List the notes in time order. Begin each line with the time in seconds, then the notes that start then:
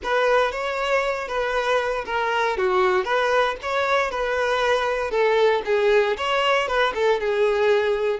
0.03 B4
0.51 C#5
1.28 B4
2.05 A#4
2.57 F#4
3.04 B4
3.62 C#5
4.10 B4
5.10 A4
5.65 G#4
6.17 C#5
6.67 B4
6.94 A4
7.20 G#4